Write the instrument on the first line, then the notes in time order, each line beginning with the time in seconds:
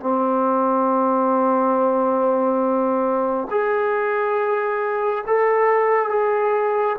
trombone
0.00 C4
3.51 G#4
5.27 A4
6.09 G#4